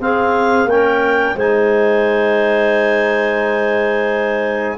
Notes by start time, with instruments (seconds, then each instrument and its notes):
0.00 tuba C4, trombone C4, clarinet G#4 F5
0.64 tuba A#3, trombone C#4, clarinet A#4 G5
1.35 tuba G#3, trombone D#4, clarinet C5 G#5